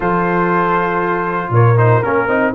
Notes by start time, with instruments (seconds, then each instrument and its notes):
0.00 tuba F3, trombone F4, horn A4, trumpet C5
1.50 tuba A#2, horn A#4, trumpet C#5
1.77 trombone D#4, trumpet C5
2.03 tuba A#3, trombone C#4, trumpet A#4
2.27 tuba C4, trombone D#4